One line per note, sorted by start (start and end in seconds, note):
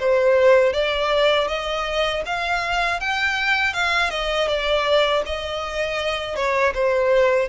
0.00 0.73 C5
0.73 1.48 D5
1.48 2.23 D#5
2.26 3.01 F5
3.01 3.74 G5
3.74 4.10 F5
4.10 4.48 D#5
4.48 5.23 D5
5.26 6.36 D#5
6.36 6.73 C#5
6.75 7.49 C5